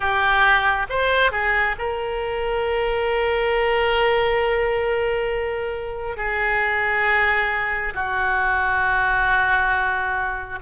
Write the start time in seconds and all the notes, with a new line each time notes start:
0.00 G4
0.89 C5
1.31 G#4
1.78 A#4
6.16 G#4
7.94 F#4